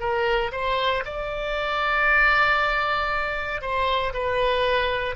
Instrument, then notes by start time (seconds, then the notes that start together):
oboe
0.00 A#4
0.52 C5
1.05 D5
3.61 C5
4.14 B4